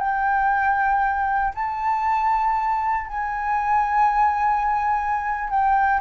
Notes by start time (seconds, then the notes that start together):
0.00 G5
1.55 A5
3.07 G#5
5.50 G5